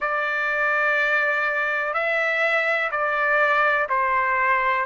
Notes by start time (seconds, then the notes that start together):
0.00 D5
1.94 E5
2.91 D5
3.89 C5